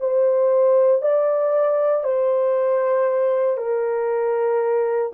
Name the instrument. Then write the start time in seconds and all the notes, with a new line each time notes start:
horn
0.00 C5
1.02 D5
2.04 C5
3.57 A#4